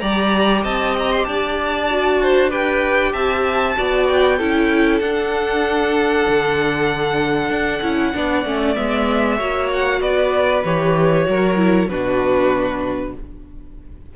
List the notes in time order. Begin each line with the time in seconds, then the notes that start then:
0.00 G3 G4 D5 A#5
0.63 C4 D#5 A5
0.99 A#5
1.12 C6
1.25 D4 D5 A5
1.91 F#4
2.22 C5
2.50 G4 B4 G5
3.13 C4 E5 A5
3.77 B3 F#4 D5
4.08 G5
4.38 C#4 E4 A4
5.00 D4 F#5
6.29 D3
7.50 D4
7.82 C#4 E4
8.14 B3 D4 D5
8.45 A3 C#4
8.76 G#3 B3 E5
9.37 A#3 F#4 C#5
9.73 F#5
10.01 B3 B4 D5
10.65 E3 G4 C#5
11.25 F#3 F#4 A#4
11.57 E4
11.89 B2 D4 F#4 B4